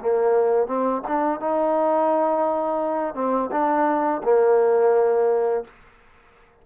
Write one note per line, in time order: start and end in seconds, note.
0.00 0.67 A#3
0.67 1.02 C4
1.08 1.40 D4
1.40 3.15 D#4
3.15 3.50 C4
3.52 4.22 D4
4.24 5.65 A#3